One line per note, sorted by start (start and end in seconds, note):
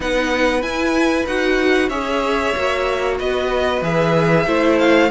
0.00 0.62 B3
0.00 0.61 D#4
0.00 1.89 B4
0.00 0.61 F#5
0.61 1.25 E4
0.61 1.26 E4
0.61 1.25 G#5
1.26 1.88 D#4
1.26 1.90 F#4
1.26 1.89 F#5
1.88 2.52 C#4
1.88 2.54 G#4
1.88 3.17 C#5
1.88 3.17 E5
2.55 3.20 A#3
2.55 3.82 F#4
3.18 3.81 B3
3.18 4.45 B4
3.18 3.83 D#5
3.81 4.45 E3
3.81 4.46 G#4
3.81 4.79 E5
4.46 5.10 A3
4.46 5.10 E4
4.46 5.10 C5
4.79 5.10 F5